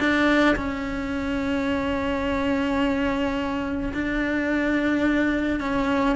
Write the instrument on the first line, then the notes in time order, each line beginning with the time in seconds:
cello
0.00 D4
0.56 C#4
3.94 D4
5.60 C#4